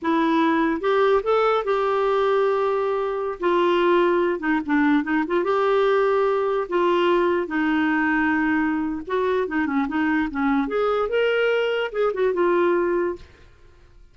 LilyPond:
\new Staff \with { instrumentName = "clarinet" } { \time 4/4 \tempo 4 = 146 e'2 g'4 a'4 | g'1~ | g'16 f'2~ f'8 dis'8 d'8.~ | d'16 dis'8 f'8 g'2~ g'8.~ |
g'16 f'2 dis'4.~ dis'16~ | dis'2 fis'4 dis'8 cis'8 | dis'4 cis'4 gis'4 ais'4~ | ais'4 gis'8 fis'8 f'2 | }